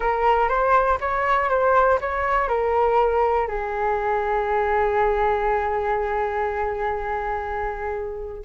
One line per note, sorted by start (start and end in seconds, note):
0.00 0.48 A#4
0.48 0.98 C5
1.00 1.49 C#5
1.49 1.99 C5
2.00 2.48 C#5
2.48 3.47 A#4
3.47 8.43 G#4